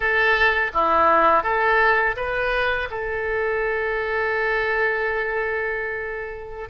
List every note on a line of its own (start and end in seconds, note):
0.00 0.71 A4
0.73 1.43 E4
1.43 2.15 A4
2.16 2.88 B4
2.90 6.69 A4